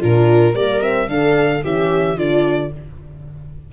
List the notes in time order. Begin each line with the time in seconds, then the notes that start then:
0.00 A#2 D4 F4 A#4
0.55 G3 A#3 A#4 D5
0.81 C4 E5
1.08 D3 D4 A4 F5
1.64 E3 C#4 G4 E5
2.17 D3 D4 F4 D5